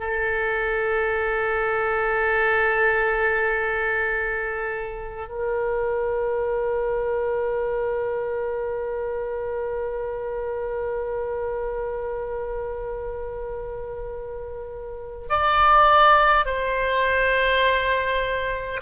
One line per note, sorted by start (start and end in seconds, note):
0.00 5.29 A4
5.29 15.29 A#4
15.29 16.45 D5
16.45 18.81 C5